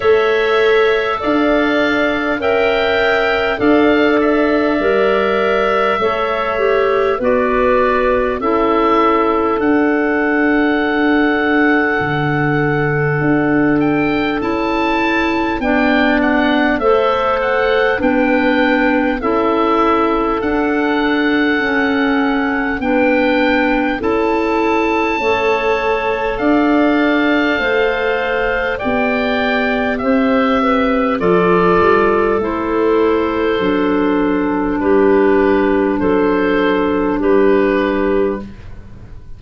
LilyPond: <<
  \new Staff \with { instrumentName = "oboe" } { \time 4/4 \tempo 4 = 50 e''4 f''4 g''4 f''8 e''8~ | e''2 d''4 e''4 | fis''2.~ fis''8 g''8 | a''4 g''8 fis''8 e''8 fis''8 g''4 |
e''4 fis''2 g''4 | a''2 f''2 | g''4 e''4 d''4 c''4~ | c''4 b'4 c''4 b'4 | }
  \new Staff \with { instrumentName = "clarinet" } { \time 4/4 cis''4 d''4 e''4 d''4~ | d''4 cis''4 b'4 a'4~ | a'1~ | a'4 d''4 c''4 b'4 |
a'2. b'4 | a'4 cis''4 d''4 c''4 | d''4 c''8 b'8 a'2~ | a'4 g'4 a'4 g'4 | }
  \new Staff \with { instrumentName = "clarinet" } { \time 4/4 a'2 ais'4 a'4 | ais'4 a'8 g'8 fis'4 e'4 | d'1 | e'4 d'4 a'4 d'4 |
e'4 d'4 cis'4 d'4 | e'4 a'2. | g'2 f'4 e'4 | d'1 | }
  \new Staff \with { instrumentName = "tuba" } { \time 4/4 a4 d'4 cis'4 d'4 | g4 a4 b4 cis'4 | d'2 d4 d'4 | cis'4 b4 a4 b4 |
cis'4 d'4 cis'4 b4 | cis'4 a4 d'4 a4 | b4 c'4 f8 g8 a4 | fis4 g4 fis4 g4 | }
>>